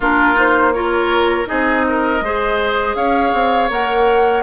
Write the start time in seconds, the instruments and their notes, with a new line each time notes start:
0.00 bassoon A#3, clarinet D4, oboe F4, flute A#4
0.34 clarinet D#4, flute C5
0.72 clarinet F4, oboe A#4, flute C#5
1.45 bassoon C4, clarinet D#4, oboe G#4, flute D#5
1.88 oboe A#4
2.20 bassoon G#3, clarinet G#4, oboe C5
2.95 bassoon C#4, oboe C#5, flute F5
3.33 bassoon C4
3.69 bassoon A#3, clarinet A#4, flute F#5